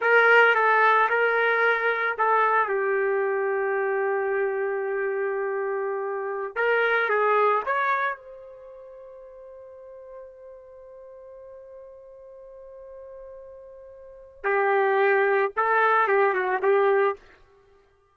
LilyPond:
\new Staff \with { instrumentName = "trumpet" } { \time 4/4 \tempo 4 = 112 ais'4 a'4 ais'2 | a'4 g'2.~ | g'1~ | g'16 ais'4 gis'4 cis''4 c''8.~ |
c''1~ | c''1~ | c''2. g'4~ | g'4 a'4 g'8 fis'8 g'4 | }